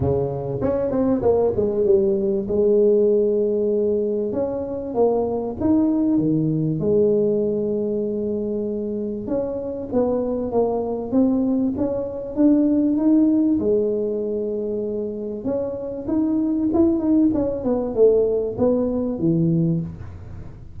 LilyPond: \new Staff \with { instrumentName = "tuba" } { \time 4/4 \tempo 4 = 97 cis4 cis'8 c'8 ais8 gis8 g4 | gis2. cis'4 | ais4 dis'4 dis4 gis4~ | gis2. cis'4 |
b4 ais4 c'4 cis'4 | d'4 dis'4 gis2~ | gis4 cis'4 dis'4 e'8 dis'8 | cis'8 b8 a4 b4 e4 | }